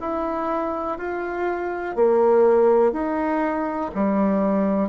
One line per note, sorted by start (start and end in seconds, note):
0.00 0.97 E4
0.97 1.95 F4
1.95 2.92 A#3
2.92 3.90 D#4
3.95 4.89 G3